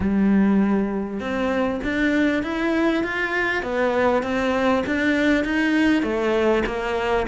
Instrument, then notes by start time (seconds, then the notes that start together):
cello
0.00 G3
1.20 C4
1.83 D4
2.42 E4
3.03 F4
3.62 B3
4.23 C4
4.86 D4
5.44 D#4
6.02 A3
6.65 A#3